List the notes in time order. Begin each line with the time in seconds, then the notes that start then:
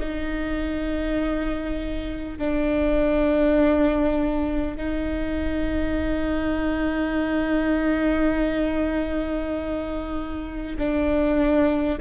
0.00 D#4
2.38 D4
4.77 D#4
10.78 D4